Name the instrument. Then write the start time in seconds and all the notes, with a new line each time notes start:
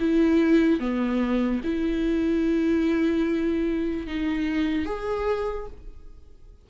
viola
0.00 E4
0.80 B3
1.64 E4
4.08 D#4
4.86 G#4